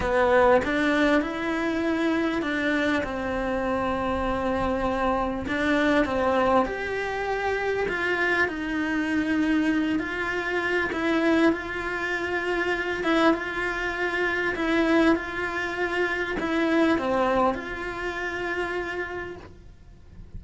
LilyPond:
\new Staff \with { instrumentName = "cello" } { \time 4/4 \tempo 4 = 99 b4 d'4 e'2 | d'4 c'2.~ | c'4 d'4 c'4 g'4~ | g'4 f'4 dis'2~ |
dis'8 f'4. e'4 f'4~ | f'4. e'8 f'2 | e'4 f'2 e'4 | c'4 f'2. | }